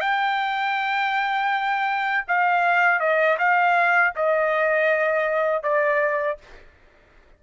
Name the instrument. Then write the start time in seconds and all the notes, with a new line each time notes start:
trumpet
0.00 G5
2.27 F5
3.00 D#5
3.39 F5
4.16 D#5
5.63 D5